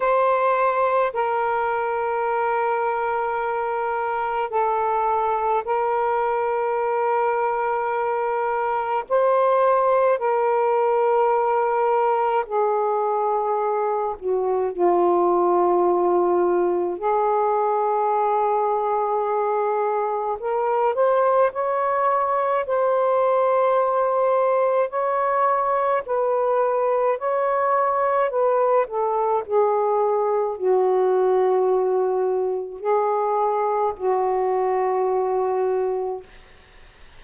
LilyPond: \new Staff \with { instrumentName = "saxophone" } { \time 4/4 \tempo 4 = 53 c''4 ais'2. | a'4 ais'2. | c''4 ais'2 gis'4~ | gis'8 fis'8 f'2 gis'4~ |
gis'2 ais'8 c''8 cis''4 | c''2 cis''4 b'4 | cis''4 b'8 a'8 gis'4 fis'4~ | fis'4 gis'4 fis'2 | }